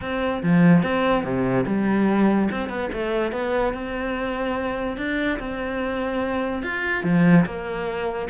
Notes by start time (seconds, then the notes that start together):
0.01 C4
0.43 F3
0.82 C4
1.23 C3
1.66 G3
2.51 C4
2.69 B3
2.92 A3
3.32 B3
3.73 C4
4.97 D4
5.39 C4
6.62 F4
7.03 F3
7.45 A#3